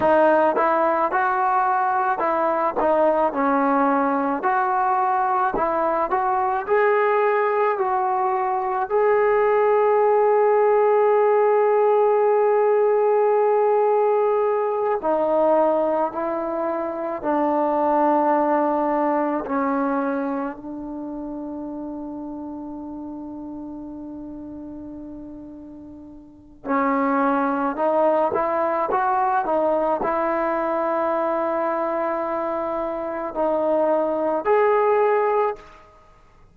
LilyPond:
\new Staff \with { instrumentName = "trombone" } { \time 4/4 \tempo 4 = 54 dis'8 e'8 fis'4 e'8 dis'8 cis'4 | fis'4 e'8 fis'8 gis'4 fis'4 | gis'1~ | gis'4. dis'4 e'4 d'8~ |
d'4. cis'4 d'4.~ | d'1 | cis'4 dis'8 e'8 fis'8 dis'8 e'4~ | e'2 dis'4 gis'4 | }